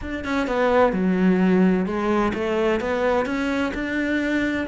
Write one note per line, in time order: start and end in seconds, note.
0.01 0.24 D4
0.24 0.47 C#4
0.47 0.93 B3
0.93 1.86 F#3
1.86 2.32 G#3
2.34 2.80 A3
2.80 3.25 B3
3.25 3.72 C#4
3.74 4.67 D4